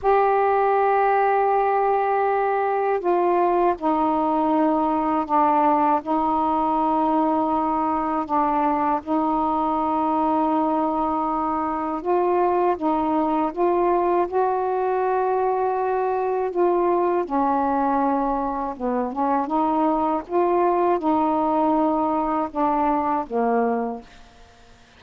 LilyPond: \new Staff \with { instrumentName = "saxophone" } { \time 4/4 \tempo 4 = 80 g'1 | f'4 dis'2 d'4 | dis'2. d'4 | dis'1 |
f'4 dis'4 f'4 fis'4~ | fis'2 f'4 cis'4~ | cis'4 b8 cis'8 dis'4 f'4 | dis'2 d'4 ais4 | }